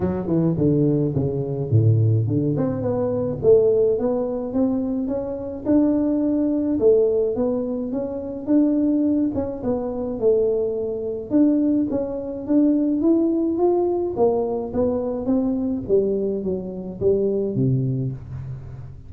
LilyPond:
\new Staff \with { instrumentName = "tuba" } { \time 4/4 \tempo 4 = 106 fis8 e8 d4 cis4 a,4 | d8 c'8 b4 a4 b4 | c'4 cis'4 d'2 | a4 b4 cis'4 d'4~ |
d'8 cis'8 b4 a2 | d'4 cis'4 d'4 e'4 | f'4 ais4 b4 c'4 | g4 fis4 g4 c4 | }